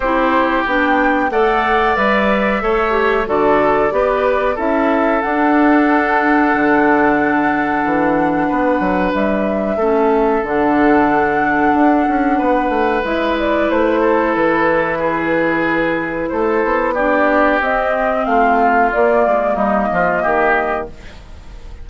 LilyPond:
<<
  \new Staff \with { instrumentName = "flute" } { \time 4/4 \tempo 4 = 92 c''4 g''4 fis''4 e''4~ | e''4 d''2 e''4 | fis''1~ | fis''2 e''2 |
fis''1 | e''8 d''8 c''4 b'2~ | b'4 c''4 d''4 dis''4 | f''4 d''4 dis''2 | }
  \new Staff \with { instrumentName = "oboe" } { \time 4/4 g'2 d''2 | cis''4 a'4 b'4 a'4~ | a'1~ | a'4 b'2 a'4~ |
a'2. b'4~ | b'4. a'4. gis'4~ | gis'4 a'4 g'2 | f'2 dis'8 f'8 g'4 | }
  \new Staff \with { instrumentName = "clarinet" } { \time 4/4 e'4 d'4 a'4 b'4 | a'8 g'8 fis'4 g'4 e'4 | d'1~ | d'2. cis'4 |
d'1 | e'1~ | e'2 d'4 c'4~ | c'4 ais2. | }
  \new Staff \with { instrumentName = "bassoon" } { \time 4/4 c'4 b4 a4 g4 | a4 d4 b4 cis'4 | d'2 d2 | e4 b8 fis8 g4 a4 |
d2 d'8 cis'8 b8 a8 | gis4 a4 e2~ | e4 a8 b4. c'4 | a4 ais8 gis8 g8 f8 dis4 | }
>>